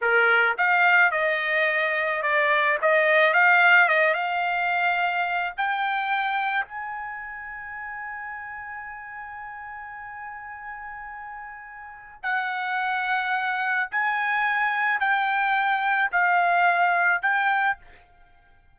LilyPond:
\new Staff \with { instrumentName = "trumpet" } { \time 4/4 \tempo 4 = 108 ais'4 f''4 dis''2 | d''4 dis''4 f''4 dis''8 f''8~ | f''2 g''2 | gis''1~ |
gis''1~ | gis''2 fis''2~ | fis''4 gis''2 g''4~ | g''4 f''2 g''4 | }